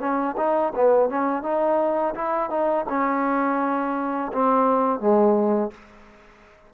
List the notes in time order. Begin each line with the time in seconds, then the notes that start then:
0.00 C#4
0.37 D#4
0.75 B3
1.10 C#4
1.43 D#4
2.15 E4
2.50 D#4
2.89 C#4
4.33 C4
5.00 G#3